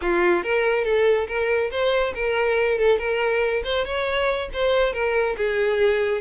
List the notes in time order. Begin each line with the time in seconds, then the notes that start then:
0.01 F4
0.43 A#4
0.84 A4
1.27 A#4
1.70 C5
2.14 A#4
2.78 A4
2.98 A#4
3.64 C5
3.85 C#5
4.53 C5
4.93 A#4
5.37 G#4